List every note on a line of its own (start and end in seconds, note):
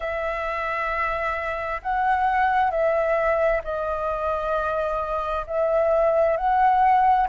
0.00 1.81 E5
1.82 2.70 F#5
2.70 3.61 E5
3.64 5.45 D#5
5.46 6.36 E5
6.36 7.27 F#5